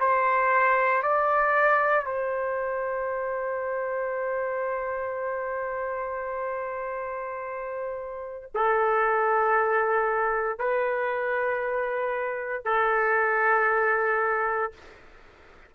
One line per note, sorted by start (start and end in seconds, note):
0.00 1.03 C5
1.03 2.06 D5
2.06 8.53 C5
8.55 10.59 A4
10.59 12.65 B4
12.65 14.72 A4